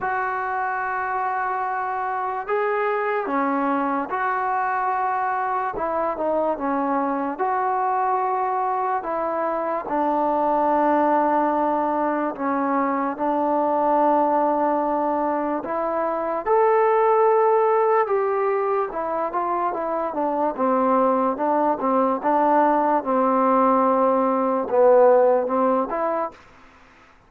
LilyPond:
\new Staff \with { instrumentName = "trombone" } { \time 4/4 \tempo 4 = 73 fis'2. gis'4 | cis'4 fis'2 e'8 dis'8 | cis'4 fis'2 e'4 | d'2. cis'4 |
d'2. e'4 | a'2 g'4 e'8 f'8 | e'8 d'8 c'4 d'8 c'8 d'4 | c'2 b4 c'8 e'8 | }